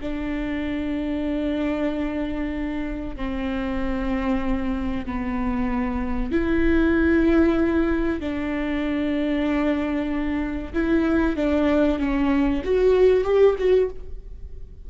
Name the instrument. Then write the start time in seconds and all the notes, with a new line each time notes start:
viola
0.00 D4
3.16 C4
5.06 B3
6.31 E4
8.20 D4
10.73 E4
11.36 D4
11.99 C#4
12.64 F#4
13.24 G4
13.58 F#4